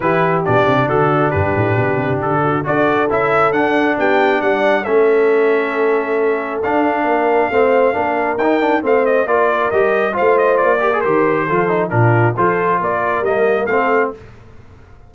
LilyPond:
<<
  \new Staff \with { instrumentName = "trumpet" } { \time 4/4 \tempo 4 = 136 b'4 d''4 a'4 b'4~ | b'4 a'4 d''4 e''4 | fis''4 g''4 fis''4 e''4~ | e''2. f''4~ |
f''2. g''4 | f''8 dis''8 d''4 dis''4 f''8 dis''8 | d''4 c''2 ais'4 | c''4 d''4 dis''4 f''4 | }
  \new Staff \with { instrumentName = "horn" } { \time 4/4 g'2 fis'4 g'4~ | g'4. fis'8 a'2~ | a'4 g'4 d''4 a'4~ | a'1 |
ais'4 c''4 ais'2 | c''4 ais'2 c''4~ | c''8 ais'4. a'4 f'4 | a'4 ais'2 a'4 | }
  \new Staff \with { instrumentName = "trombone" } { \time 4/4 e'4 d'2.~ | d'2 fis'4 e'4 | d'2. cis'4~ | cis'2. d'4~ |
d'4 c'4 d'4 dis'8 d'8 | c'4 f'4 g'4 f'4~ | f'8 g'16 gis'16 g'4 f'8 dis'8 d'4 | f'2 ais4 c'4 | }
  \new Staff \with { instrumentName = "tuba" } { \time 4/4 e4 b,8 c8 d4 g,8 a,8 | b,8 c8 d4 d'4 cis'4 | d'4 b4 g4 a4~ | a2. d'4 |
ais4 a4 ais4 dis'4 | a4 ais4 g4 a4 | ais4 dis4 f4 ais,4 | f4 ais4 g4 a4 | }
>>